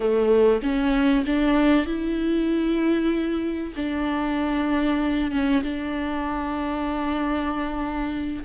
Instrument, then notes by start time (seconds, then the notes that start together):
viola
0.00 A3
0.62 C#4
1.26 D4
1.86 E4
3.76 D4
5.31 C#4
5.62 D4